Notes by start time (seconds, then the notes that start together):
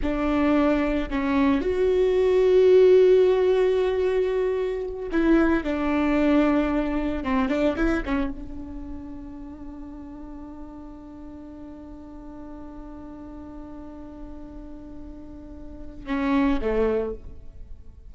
0.02 D4
1.10 C#4
1.61 F#4
5.11 E4
5.63 D4
7.23 C4
7.49 D4
7.76 E4
8.05 C#4
8.30 D4
16.06 C#4
16.61 A3